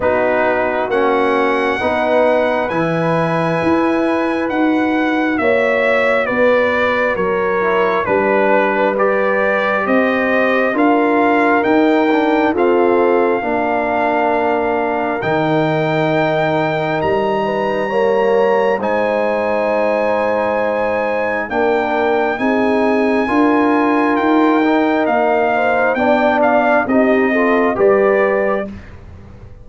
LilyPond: <<
  \new Staff \with { instrumentName = "trumpet" } { \time 4/4 \tempo 4 = 67 b'4 fis''2 gis''4~ | gis''4 fis''4 e''4 d''4 | cis''4 b'4 d''4 dis''4 | f''4 g''4 f''2~ |
f''4 g''2 ais''4~ | ais''4 gis''2. | g''4 gis''2 g''4 | f''4 g''8 f''8 dis''4 d''4 | }
  \new Staff \with { instrumentName = "horn" } { \time 4/4 fis'2 b'2~ | b'2 cis''4 b'4 | ais'4 b'2 c''4 | ais'2 a'4 ais'4~ |
ais'2.~ ais'8 b'8 | cis''4 c''2. | ais'4 gis'4 ais'2~ | ais'8 c''8 d''4 g'8 a'8 b'4 | }
  \new Staff \with { instrumentName = "trombone" } { \time 4/4 dis'4 cis'4 dis'4 e'4~ | e'4 fis'2.~ | fis'8 e'8 d'4 g'2 | f'4 dis'8 d'8 c'4 d'4~ |
d'4 dis'2. | ais4 dis'2. | d'4 dis'4 f'4. dis'8~ | dis'4 d'4 dis'8 f'8 g'4 | }
  \new Staff \with { instrumentName = "tuba" } { \time 4/4 b4 ais4 b4 e4 | e'4 dis'4 ais4 b4 | fis4 g2 c'4 | d'4 dis'4 f'4 ais4~ |
ais4 dis2 g4~ | g4 gis2. | ais4 c'4 d'4 dis'4 | ais4 b4 c'4 g4 | }
>>